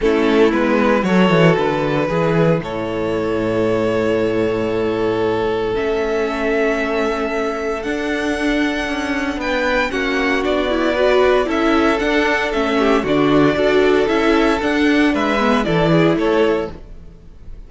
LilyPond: <<
  \new Staff \with { instrumentName = "violin" } { \time 4/4 \tempo 4 = 115 a'4 b'4 cis''4 b'4~ | b'4 cis''2.~ | cis''2. e''4~ | e''2. fis''4~ |
fis''2 g''4 fis''4 | d''2 e''4 fis''4 | e''4 d''2 e''4 | fis''4 e''4 d''4 cis''4 | }
  \new Staff \with { instrumentName = "violin" } { \time 4/4 e'2 a'2 | gis'4 a'2.~ | a'1~ | a'1~ |
a'2 b'4 fis'4~ | fis'4 b'4 a'2~ | a'8 g'8 fis'4 a'2~ | a'4 b'4 a'8 gis'8 a'4 | }
  \new Staff \with { instrumentName = "viola" } { \time 4/4 cis'4 b4 fis'2 | e'1~ | e'2. cis'4~ | cis'2. d'4~ |
d'2. cis'4 | d'8 e'8 fis'4 e'4 d'4 | cis'4 d'4 fis'4 e'4 | d'4. b8 e'2 | }
  \new Staff \with { instrumentName = "cello" } { \time 4/4 a4 gis4 fis8 e8 d4 | e4 a,2.~ | a,2. a4~ | a2. d'4~ |
d'4 cis'4 b4 ais4 | b2 cis'4 d'4 | a4 d4 d'4 cis'4 | d'4 gis4 e4 a4 | }
>>